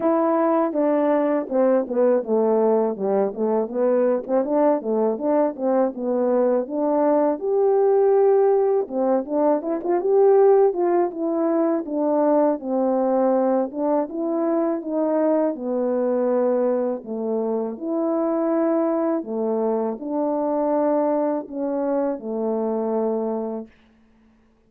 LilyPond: \new Staff \with { instrumentName = "horn" } { \time 4/4 \tempo 4 = 81 e'4 d'4 c'8 b8 a4 | g8 a8 b8. c'16 d'8 a8 d'8 c'8 | b4 d'4 g'2 | c'8 d'8 e'16 f'16 g'4 f'8 e'4 |
d'4 c'4. d'8 e'4 | dis'4 b2 a4 | e'2 a4 d'4~ | d'4 cis'4 a2 | }